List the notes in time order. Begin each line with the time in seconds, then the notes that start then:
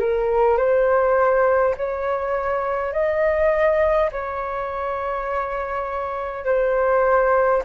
0.00 A#4
0.58 C5
1.78 C#5
2.93 D#5
4.12 C#5
6.45 C5